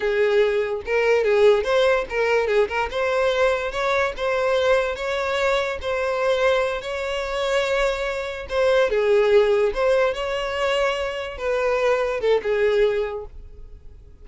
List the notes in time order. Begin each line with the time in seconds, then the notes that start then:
0.00 G#4
0.85 A#4
1.24 G#4
1.63 C5
2.09 A#4
2.47 G#4
2.68 A#4
2.90 C5
3.71 C#5
4.16 C5
4.95 C#5
5.81 C5
6.81 C#5
8.49 C5
8.90 G#4
9.74 C5
10.13 C#5
11.37 B4
12.20 A4
12.42 G#4